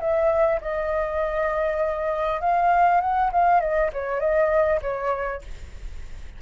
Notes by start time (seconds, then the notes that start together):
0.00 E5
0.61 D#5
2.41 F5
3.01 F#5
3.32 F5
3.61 D#5
3.93 C#5
4.20 D#5
4.82 C#5